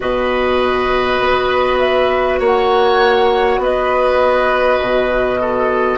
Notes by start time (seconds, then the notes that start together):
0.00 B2 F#4 B4 D#5
1.20 B3
1.78 E5
2.39 A#3 C#5 F#5
3.58 B3 B4 D#5
4.80 B2
5.40 A4